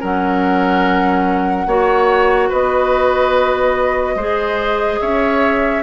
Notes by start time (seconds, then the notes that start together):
0.00 F#3 C#4 A#4 F#5
1.66 A#3 F#4 C#5
2.49 B3 B4 D#5
4.15 G#3 G#4 C5
5.00 C#4 C#5 E5